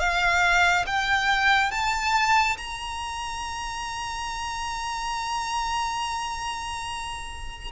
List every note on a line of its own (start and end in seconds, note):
0.00 0.86 F5
0.86 1.71 G5
1.71 2.57 A5
2.58 7.72 A#5